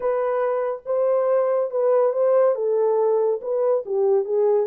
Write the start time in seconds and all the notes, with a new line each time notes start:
0.00 B4
0.85 C5
1.70 B4
2.13 C5
2.55 A4
3.41 B4
3.85 G4
4.24 G#4